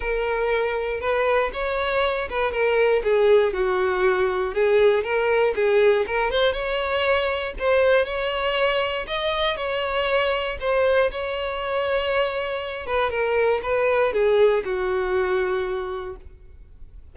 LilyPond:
\new Staff \with { instrumentName = "violin" } { \time 4/4 \tempo 4 = 119 ais'2 b'4 cis''4~ | cis''8 b'8 ais'4 gis'4 fis'4~ | fis'4 gis'4 ais'4 gis'4 | ais'8 c''8 cis''2 c''4 |
cis''2 dis''4 cis''4~ | cis''4 c''4 cis''2~ | cis''4. b'8 ais'4 b'4 | gis'4 fis'2. | }